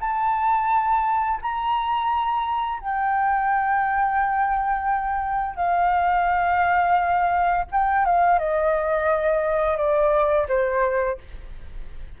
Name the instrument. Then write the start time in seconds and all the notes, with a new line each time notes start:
flute
0.00 A5
1.41 A#5
2.79 G5
5.56 F5
7.71 G5
8.05 F5
8.38 D#5
9.77 D5
10.48 C5